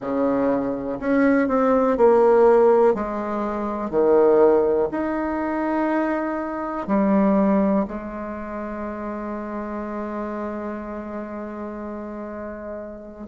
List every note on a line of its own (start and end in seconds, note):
0.00 0.99 C#3
0.99 1.48 C#4
1.48 1.97 C4
1.97 2.94 A#3
2.94 3.90 G#3
3.90 4.88 D#3
4.91 6.87 D#4
6.87 7.85 G3
7.87 13.27 G#3